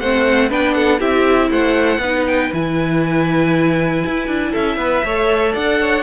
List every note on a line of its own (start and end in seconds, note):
0.00 0.51 A3
0.00 0.50 C4
0.00 0.49 C5
0.00 0.50 F#5
0.49 1.01 B3
0.49 1.00 D4
0.49 0.75 B4
0.49 0.75 G5
0.75 0.99 A4
0.75 1.00 F#5
0.99 1.51 C4
0.99 2.01 E4
0.99 1.50 G4
0.99 1.51 E5
1.50 1.98 A3
1.50 2.01 C5
1.50 2.27 F#5
1.98 2.49 B3
1.98 2.54 D#4
1.98 4.51 B4
2.27 2.52 G5
2.53 4.04 E3
2.53 5.05 E4
2.53 4.54 G#5
4.06 4.28 E4
4.28 4.53 D4
4.51 4.77 C#4
4.51 4.76 A4
4.51 5.55 E5
4.77 5.02 B3
4.77 5.05 B4
5.04 5.55 A3
5.04 6.03 A4
5.04 5.53 C#5
5.53 6.03 D4
5.53 5.78 D5
5.53 6.03 F#5
5.81 6.03 C#5